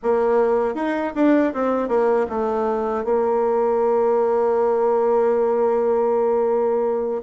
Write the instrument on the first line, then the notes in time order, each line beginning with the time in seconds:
bassoon
0.02 A#3
0.74 D#4
1.15 D4
1.53 C4
1.88 A#3
2.29 A3
3.04 A#3